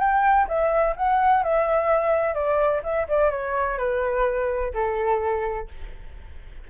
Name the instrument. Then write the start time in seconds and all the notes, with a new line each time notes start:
flute
0.00 G5
0.48 E5
0.96 F#5
1.43 E5
2.34 D5
2.84 E5
3.08 D5
3.31 C#5
3.78 B4
4.74 A4